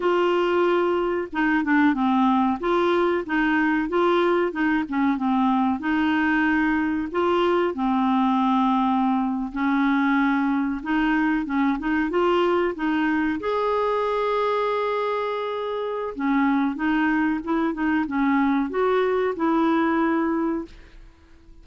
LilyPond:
\new Staff \with { instrumentName = "clarinet" } { \time 4/4 \tempo 4 = 93 f'2 dis'8 d'8 c'4 | f'4 dis'4 f'4 dis'8 cis'8 | c'4 dis'2 f'4 | c'2~ c'8. cis'4~ cis'16~ |
cis'8. dis'4 cis'8 dis'8 f'4 dis'16~ | dis'8. gis'2.~ gis'16~ | gis'4 cis'4 dis'4 e'8 dis'8 | cis'4 fis'4 e'2 | }